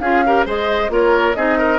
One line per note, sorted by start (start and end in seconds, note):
0.00 0.46 C#4
0.00 0.25 F4
0.00 0.25 G#4
0.00 0.45 F5
0.27 0.46 G4
0.27 0.46 A#4
0.46 0.90 G#3
0.46 0.90 G#4
0.46 0.91 C5
0.46 0.92 D#5
0.90 1.35 A#3
0.90 1.35 F4
0.90 1.37 A#4
0.90 1.35 C#5
1.35 1.80 C4
1.35 1.80 D#4
1.35 1.59 G#4
1.35 1.80 D#5
1.59 1.80 A#4